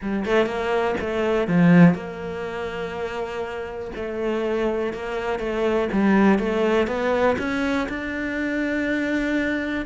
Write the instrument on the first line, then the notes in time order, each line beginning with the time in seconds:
cello
0.02 G3
0.25 A3
0.46 A#3
1.00 A3
1.47 F3
1.94 A#3
3.95 A3
4.93 A#3
5.39 A3
5.92 G3
6.38 A3
6.87 B3
7.38 C#4
7.88 D4